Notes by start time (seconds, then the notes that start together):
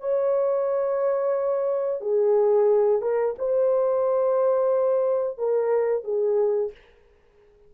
0.00 C#5
2.01 G#4
3.02 A#4
3.39 C5
5.38 A#4
6.04 G#4